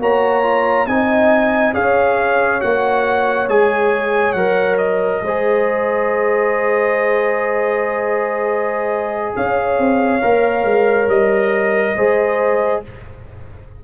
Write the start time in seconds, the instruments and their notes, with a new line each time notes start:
0.00 tuba A#3, trombone F#4, horn C#5, trumpet A#5
0.43 trombone F4
0.87 tuba C4, trombone D#4, horn D#5, trumpet G#5
1.73 tuba C#4, trombone G#4, horn C#5, trumpet F5
2.61 tuba A#3, trombone F#4, trumpet F#5
3.49 tuba G#3, trombone G#4, trumpet G#5
4.33 tuba F#3, trombone A#4, trumpet F#5
4.78 trumpet D#5
5.22 tuba G#3, trombone G#4, horn C5
9.36 tuba C#4, horn C#5, trumpet F5
9.79 tuba C4
10.22 tuba A#3, trombone A#4
10.64 tuba G#3
11.08 tuba G3, trumpet D#5
11.96 tuba G#3, trombone G#4, horn C5